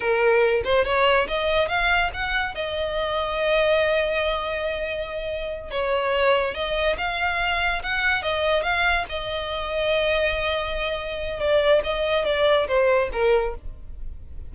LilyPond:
\new Staff \with { instrumentName = "violin" } { \time 4/4 \tempo 4 = 142 ais'4. c''8 cis''4 dis''4 | f''4 fis''4 dis''2~ | dis''1~ | dis''4. cis''2 dis''8~ |
dis''8 f''2 fis''4 dis''8~ | dis''8 f''4 dis''2~ dis''8~ | dis''2. d''4 | dis''4 d''4 c''4 ais'4 | }